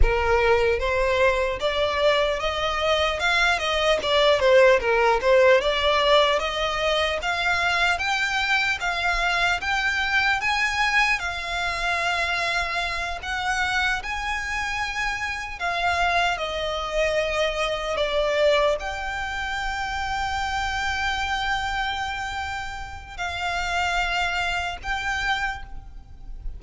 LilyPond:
\new Staff \with { instrumentName = "violin" } { \time 4/4 \tempo 4 = 75 ais'4 c''4 d''4 dis''4 | f''8 dis''8 d''8 c''8 ais'8 c''8 d''4 | dis''4 f''4 g''4 f''4 | g''4 gis''4 f''2~ |
f''8 fis''4 gis''2 f''8~ | f''8 dis''2 d''4 g''8~ | g''1~ | g''4 f''2 g''4 | }